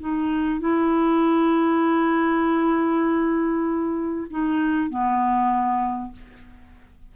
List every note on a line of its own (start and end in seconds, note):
0.00 0.60 D#4
0.60 4.27 E4
4.30 4.90 D#4
4.90 6.12 B3